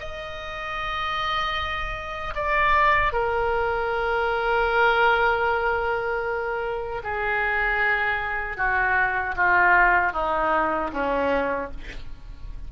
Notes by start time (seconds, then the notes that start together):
0.00 D#5
2.35 D5
3.12 A#4
7.03 G#4
8.57 F#4
9.36 F4
10.13 D#4
10.93 C#4